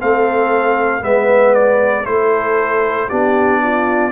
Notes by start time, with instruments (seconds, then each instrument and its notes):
0.00 tuba A3, trombone C4, horn A4, trumpet F5
1.01 tuba G#3, trombone B3, horn B4, trumpet E5
1.55 trumpet D5
2.06 tuba A3, trombone E4, horn A4, trumpet C5
3.09 tuba B3, trombone D4, horn G4, trumpet D5
3.63 horn F4